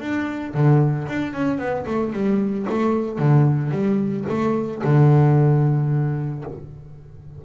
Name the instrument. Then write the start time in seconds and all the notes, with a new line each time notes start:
double bass
0.00 D4
0.54 D3
1.08 D4
1.33 C#4
1.59 B3
1.87 A3
2.13 G3
2.69 A3
3.19 D3
3.71 G3
4.29 A3
4.84 D3